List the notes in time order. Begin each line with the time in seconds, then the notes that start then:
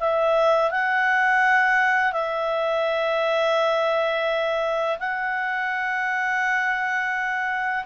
0.00 E5
0.71 F#5
2.13 E5
4.99 F#5